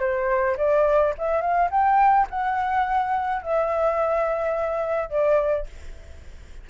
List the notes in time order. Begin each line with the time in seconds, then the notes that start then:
0.00 C5
0.57 D5
1.18 E5
1.41 F5
1.71 G5
2.30 F#5
3.43 E5
5.10 D5